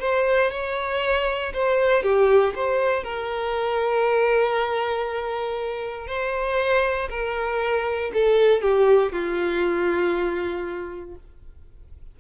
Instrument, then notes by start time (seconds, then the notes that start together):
violin
0.00 C5
0.51 C#5
1.54 C5
2.03 G4
2.56 C5
3.04 A#4
6.07 C5
7.10 A#4
8.14 A4
8.62 G4
9.12 F4